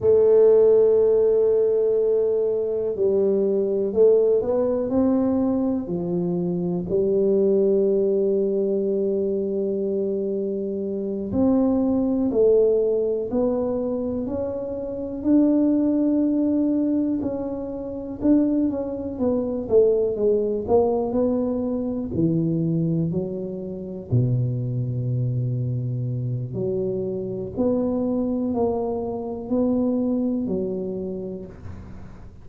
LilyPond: \new Staff \with { instrumentName = "tuba" } { \time 4/4 \tempo 4 = 61 a2. g4 | a8 b8 c'4 f4 g4~ | g2.~ g8 c'8~ | c'8 a4 b4 cis'4 d'8~ |
d'4. cis'4 d'8 cis'8 b8 | a8 gis8 ais8 b4 e4 fis8~ | fis8 b,2~ b,8 fis4 | b4 ais4 b4 fis4 | }